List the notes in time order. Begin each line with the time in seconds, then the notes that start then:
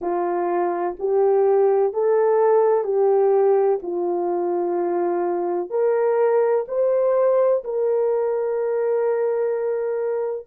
0.01 F4
0.99 G4
1.93 A4
2.84 G4
3.82 F4
5.70 A#4
6.68 C5
7.64 A#4